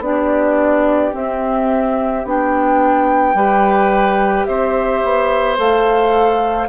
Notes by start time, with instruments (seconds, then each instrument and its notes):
0.00 bassoon B3, clarinet D4, oboe G4, flute D5
1.13 clarinet C4, bassoon C4, flute E5
2.25 bassoon B3, clarinet D4, flute G5
3.35 bassoon G3, clarinet G4, oboe B4
4.46 bassoon C4, oboe C5, flute E5
5.04 bassoon B3
5.57 bassoon A3, clarinet A4, flute F5